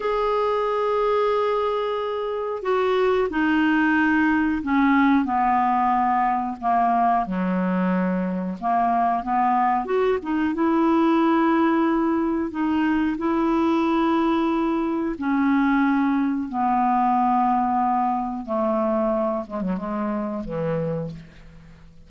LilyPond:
\new Staff \with { instrumentName = "clarinet" } { \time 4/4 \tempo 4 = 91 gis'1 | fis'4 dis'2 cis'4 | b2 ais4 fis4~ | fis4 ais4 b4 fis'8 dis'8 |
e'2. dis'4 | e'2. cis'4~ | cis'4 b2. | a4. gis16 fis16 gis4 e4 | }